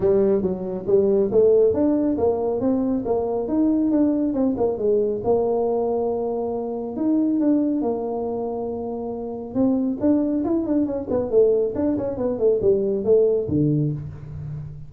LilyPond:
\new Staff \with { instrumentName = "tuba" } { \time 4/4 \tempo 4 = 138 g4 fis4 g4 a4 | d'4 ais4 c'4 ais4 | dis'4 d'4 c'8 ais8 gis4 | ais1 |
dis'4 d'4 ais2~ | ais2 c'4 d'4 | e'8 d'8 cis'8 b8 a4 d'8 cis'8 | b8 a8 g4 a4 d4 | }